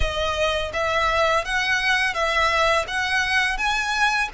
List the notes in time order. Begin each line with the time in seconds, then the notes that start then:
0.00 D#5
0.73 E5
1.44 F#5
2.14 E5
2.87 F#5
3.57 G#5